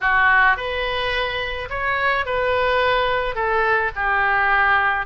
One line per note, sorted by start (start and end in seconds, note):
0.00 0.56 F#4
0.56 1.68 B4
1.69 2.25 C#5
2.25 3.35 B4
3.35 3.91 A4
3.95 5.06 G4